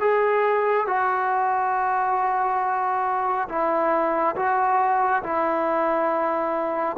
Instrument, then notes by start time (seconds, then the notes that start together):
trombone
0.00 G#4
0.87 F#4
3.48 E4
4.36 F#4
5.23 E4